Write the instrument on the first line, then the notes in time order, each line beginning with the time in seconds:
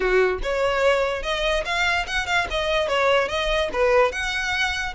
violin
0.00 F#4
0.42 C#5
1.22 D#5
1.65 F5
2.06 F#5
2.26 F5
2.50 D#5
2.88 C#5
3.28 D#5
3.72 B4
4.12 F#5